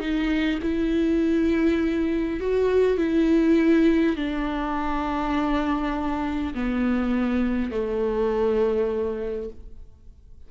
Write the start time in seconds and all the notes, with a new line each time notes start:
0.00 D#4
0.63 E4
2.41 F#4
2.98 E4
4.17 D4
6.55 B3
7.71 A3